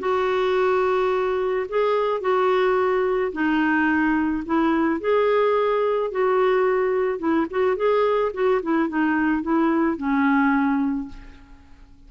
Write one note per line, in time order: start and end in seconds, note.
0.00 1.67 F#4
1.69 2.21 G#4
2.21 3.32 F#4
3.33 4.44 D#4
4.46 5.01 E4
5.01 6.12 G#4
6.12 7.19 F#4
7.19 7.47 E4
7.51 7.77 F#4
7.77 8.32 G#4
8.34 8.62 F#4
8.63 8.89 E4
8.89 9.43 D#4
9.43 9.98 E4
9.98 11.09 C#4